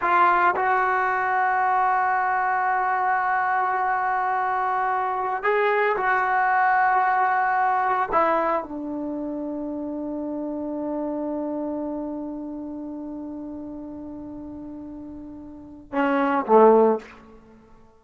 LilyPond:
\new Staff \with { instrumentName = "trombone" } { \time 4/4 \tempo 4 = 113 f'4 fis'2.~ | fis'1~ | fis'2~ fis'16 gis'4 fis'8.~ | fis'2.~ fis'16 e'8.~ |
e'16 d'2.~ d'8.~ | d'1~ | d'1~ | d'2 cis'4 a4 | }